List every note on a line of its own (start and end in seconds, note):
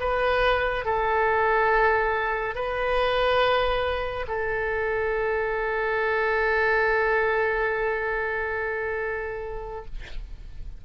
0.00 0.85 B4
0.85 2.55 A4
2.55 4.27 B4
4.28 9.85 A4